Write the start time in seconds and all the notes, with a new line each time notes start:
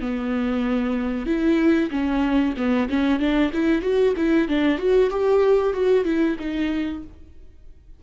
0.00 B3
1.26 E4
1.90 C#4
2.56 B3
2.89 C#4
3.19 D4
3.53 E4
3.82 F#4
4.16 E4
4.48 D4
4.78 F#4
5.10 G4
5.73 F#4
6.04 E4
6.39 D#4